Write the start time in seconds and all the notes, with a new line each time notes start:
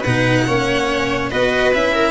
0.00 B2 D#4 B4 F#5
0.47 A#3 C#4 C#5
1.30 B3 F#4 B4 D#5
1.74 C#4 E4 E5
1.93 A#4